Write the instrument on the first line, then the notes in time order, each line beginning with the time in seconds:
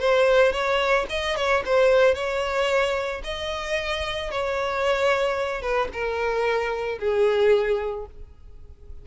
violin
0.00 C5
0.52 C#5
1.09 D#5
1.36 C#5
1.66 C5
2.15 C#5
3.24 D#5
4.31 C#5
5.62 B4
5.93 A#4
6.99 G#4